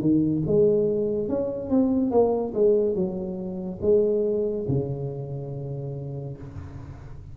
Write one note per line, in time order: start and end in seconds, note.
0.00 0.42 D#3
0.46 1.28 G#3
1.28 1.69 C#4
1.69 2.10 C4
2.10 2.53 A#3
2.54 2.95 G#3
2.95 3.79 F#3
3.81 4.66 G#3
4.68 6.37 C#3